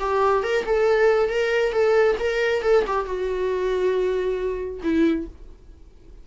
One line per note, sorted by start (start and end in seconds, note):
0.00 0.44 G4
0.44 0.65 A#4
0.67 1.30 A4
1.30 1.73 A#4
1.73 2.17 A4
2.20 2.63 A#4
2.63 2.85 A4
2.87 3.06 G4
3.06 4.81 F#4
4.84 5.28 E4